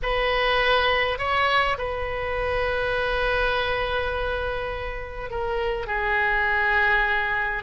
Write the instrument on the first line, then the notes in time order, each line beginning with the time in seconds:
oboe
0.02 B4
1.18 C#5
1.78 B4
5.30 A#4
5.86 G#4